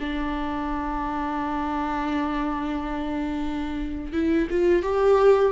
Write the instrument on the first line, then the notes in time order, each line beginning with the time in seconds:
viola
0.00 D4
4.13 E4
4.51 F4
4.83 G4